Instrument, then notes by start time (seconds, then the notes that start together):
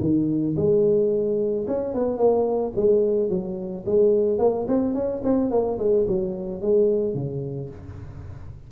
tuba
0.00 D#3
0.56 G#3
1.67 C#4
1.94 B3
2.17 A#3
2.75 G#3
3.29 F#3
3.86 G#3
4.38 A#3
4.68 C4
4.94 C#4
5.23 C4
5.50 A#3
5.78 G#3
6.07 F#3
6.61 G#3
7.14 C#3